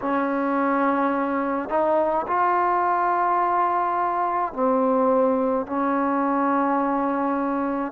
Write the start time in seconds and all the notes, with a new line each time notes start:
0.01 C#4
1.69 D#4
2.26 F4
4.53 C4
5.66 C#4